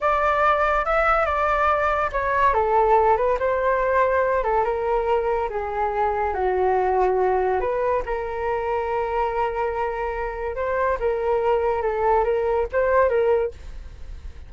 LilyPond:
\new Staff \with { instrumentName = "flute" } { \time 4/4 \tempo 4 = 142 d''2 e''4 d''4~ | d''4 cis''4 a'4. b'8 | c''2~ c''8 a'8 ais'4~ | ais'4 gis'2 fis'4~ |
fis'2 b'4 ais'4~ | ais'1~ | ais'4 c''4 ais'2 | a'4 ais'4 c''4 ais'4 | }